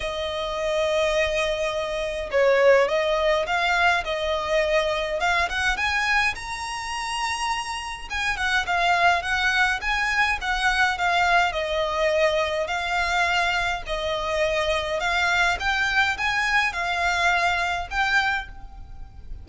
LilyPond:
\new Staff \with { instrumentName = "violin" } { \time 4/4 \tempo 4 = 104 dis''1 | cis''4 dis''4 f''4 dis''4~ | dis''4 f''8 fis''8 gis''4 ais''4~ | ais''2 gis''8 fis''8 f''4 |
fis''4 gis''4 fis''4 f''4 | dis''2 f''2 | dis''2 f''4 g''4 | gis''4 f''2 g''4 | }